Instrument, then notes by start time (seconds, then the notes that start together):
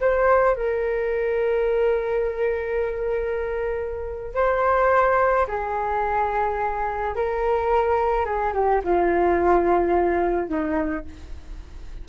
flute
0.00 C5
0.55 A#4
4.34 C5
5.47 G#4
7.15 A#4
8.25 G#4
8.53 G4
8.84 F4
10.48 D#4